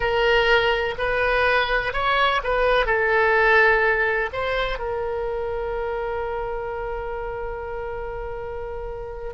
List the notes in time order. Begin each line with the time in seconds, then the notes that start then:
0.00 A#4
0.98 B4
1.93 C#5
2.43 B4
2.86 A4
4.32 C5
4.78 A#4